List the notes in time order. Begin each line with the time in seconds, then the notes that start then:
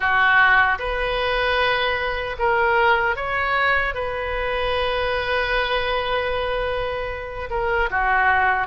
0.00 F#4
0.78 B4
2.38 A#4
3.16 C#5
3.94 B4
7.50 A#4
7.90 F#4